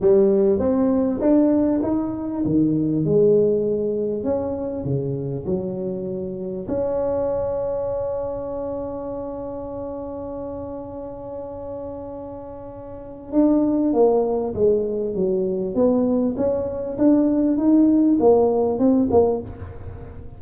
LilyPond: \new Staff \with { instrumentName = "tuba" } { \time 4/4 \tempo 4 = 99 g4 c'4 d'4 dis'4 | dis4 gis2 cis'4 | cis4 fis2 cis'4~ | cis'1~ |
cis'1~ | cis'2 d'4 ais4 | gis4 fis4 b4 cis'4 | d'4 dis'4 ais4 c'8 ais8 | }